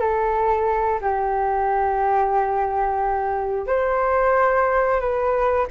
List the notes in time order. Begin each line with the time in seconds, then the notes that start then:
0.00 A4
1.01 G4
3.67 C5
5.00 B4